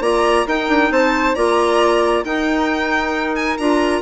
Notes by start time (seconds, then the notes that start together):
0.00 A#3 F4 D5 A#5
0.46 D#4 A#4 G5
0.68 D4
0.91 C4 C5 A5
1.35 A#3 F4 D5 A#5
2.24 D#4 A#4 G5
3.35 G#5
3.57 D4 F4 A#5